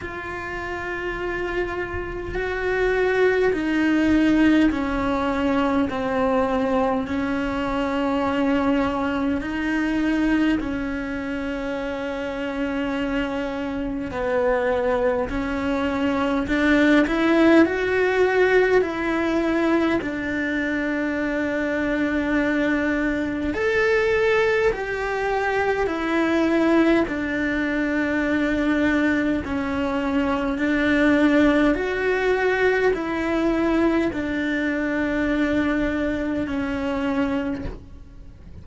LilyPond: \new Staff \with { instrumentName = "cello" } { \time 4/4 \tempo 4 = 51 f'2 fis'4 dis'4 | cis'4 c'4 cis'2 | dis'4 cis'2. | b4 cis'4 d'8 e'8 fis'4 |
e'4 d'2. | a'4 g'4 e'4 d'4~ | d'4 cis'4 d'4 fis'4 | e'4 d'2 cis'4 | }